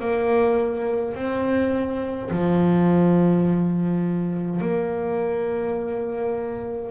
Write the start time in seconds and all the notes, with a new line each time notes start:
0.00 A#3
1.15 C4
2.31 F3
4.62 A#3